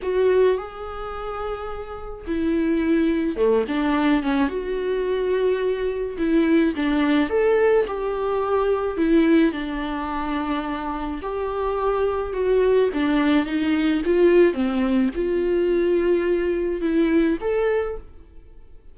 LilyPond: \new Staff \with { instrumentName = "viola" } { \time 4/4 \tempo 4 = 107 fis'4 gis'2. | e'2 a8 d'4 cis'8 | fis'2. e'4 | d'4 a'4 g'2 |
e'4 d'2. | g'2 fis'4 d'4 | dis'4 f'4 c'4 f'4~ | f'2 e'4 a'4 | }